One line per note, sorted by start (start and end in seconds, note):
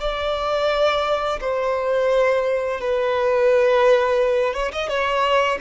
0.00 1.40 D5
1.40 2.80 C5
2.80 4.54 B4
4.54 4.71 C#5
4.73 4.89 D#5
4.89 5.58 C#5